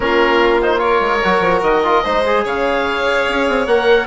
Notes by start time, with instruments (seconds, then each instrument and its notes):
0.00 bassoon A#3, trombone C#4, violin F4, oboe A#4
0.62 trombone D#4, oboe C5
0.78 trombone F4, violin A#4, oboe C#5
1.01 bassoon G#3
1.23 bassoon F#3, trombone F#4
1.40 bassoon F3
1.62 bassoon D#3, oboe D#5
1.84 trombone F4
2.03 bassoon G#3, trombone D#4, violin C5
2.25 trombone G#4
2.44 bassoon C#3, violin C#5, oboe F5
3.28 bassoon C#4
3.48 bassoon C4
3.66 bassoon A#3, trombone A#4, oboe F#5